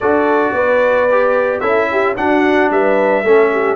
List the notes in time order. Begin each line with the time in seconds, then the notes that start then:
0.00 D4 F#4 A4 D5
0.52 B3 B4
1.11 G4
1.59 C#4 E4 A4 E5
1.91 G4
2.16 D4 F#4 F#5
2.70 G3 B4 E5
3.23 A3 C#4 A4
3.52 G4